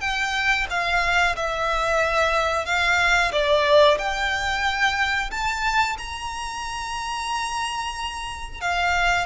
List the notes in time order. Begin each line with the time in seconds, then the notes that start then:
0.00 G5
0.69 F5
1.36 E5
2.65 F5
3.31 D5
3.98 G5
5.30 A5
5.97 A#5
8.60 F5